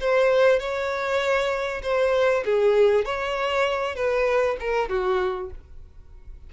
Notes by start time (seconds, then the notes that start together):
0.00 C5
0.59 C#5
1.82 C5
2.45 G#4
3.05 C#5
3.95 B4
4.59 A#4
4.88 F#4